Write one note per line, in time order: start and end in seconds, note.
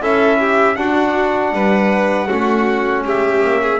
0.00 0.76 C#4
0.00 0.76 E4
0.00 0.39 A4
0.00 0.76 E5
0.39 0.77 G4
0.76 2.28 D4
0.76 1.52 D4
0.76 1.54 F#4
0.76 3.03 F#5
1.52 2.28 G3
1.52 2.27 B4
2.27 3.05 A3
2.27 3.79 C#4
2.27 3.03 F#4
3.04 3.41 G#3
3.04 3.61 G4
3.04 3.79 E5
3.41 3.79 A#3
3.62 3.79 G#4